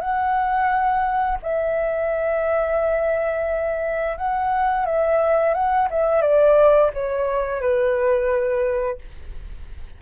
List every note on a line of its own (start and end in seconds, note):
0.00 1.38 F#5
1.42 4.17 E5
4.17 4.86 F#5
4.86 5.54 E5
5.54 5.88 F#5
5.90 6.21 E5
6.21 6.90 D5
6.93 7.61 C#5
7.61 8.98 B4